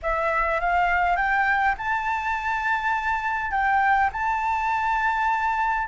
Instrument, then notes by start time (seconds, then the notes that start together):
flute
0.02 E5
0.60 F5
1.16 G5
1.77 A5
3.51 G5
4.12 A5